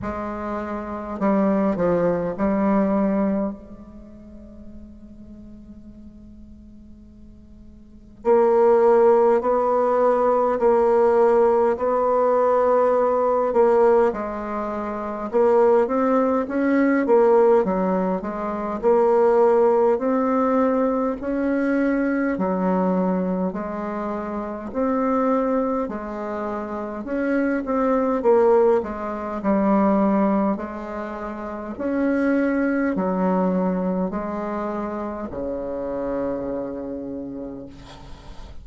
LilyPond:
\new Staff \with { instrumentName = "bassoon" } { \time 4/4 \tempo 4 = 51 gis4 g8 f8 g4 gis4~ | gis2. ais4 | b4 ais4 b4. ais8 | gis4 ais8 c'8 cis'8 ais8 fis8 gis8 |
ais4 c'4 cis'4 fis4 | gis4 c'4 gis4 cis'8 c'8 | ais8 gis8 g4 gis4 cis'4 | fis4 gis4 cis2 | }